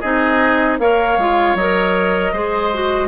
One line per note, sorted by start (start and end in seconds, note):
0.00 0.79 C4
0.00 0.80 D#4
0.00 0.77 G#4
0.00 0.77 D#5
0.79 1.17 A#3
0.79 1.18 A#4
0.79 2.32 C#5
0.79 1.56 F5
1.17 1.54 G#3
1.17 1.57 F4
1.54 2.31 F#3
1.54 2.34 A#4
1.54 3.08 D#5
2.32 3.08 G#3
2.32 2.73 G#4
2.32 3.08 C5
2.73 3.08 F#4